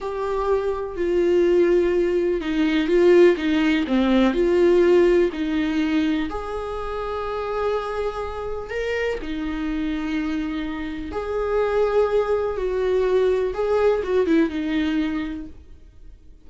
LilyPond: \new Staff \with { instrumentName = "viola" } { \time 4/4 \tempo 4 = 124 g'2 f'2~ | f'4 dis'4 f'4 dis'4 | c'4 f'2 dis'4~ | dis'4 gis'2.~ |
gis'2 ais'4 dis'4~ | dis'2. gis'4~ | gis'2 fis'2 | gis'4 fis'8 e'8 dis'2 | }